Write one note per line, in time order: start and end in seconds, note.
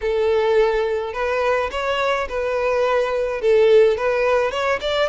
0.01 1.13 A4
1.13 1.70 B4
1.71 2.27 C#5
2.28 3.41 B4
3.41 3.97 A4
3.97 4.51 B4
4.51 4.79 C#5
4.80 5.09 D5